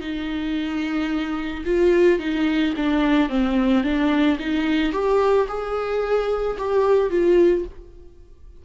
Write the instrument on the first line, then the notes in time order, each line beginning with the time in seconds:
viola
0.00 D#4
1.65 F4
2.19 D#4
2.76 D4
3.29 C4
3.83 D4
4.39 D#4
4.92 G4
5.48 G#4
6.58 G4
7.10 F4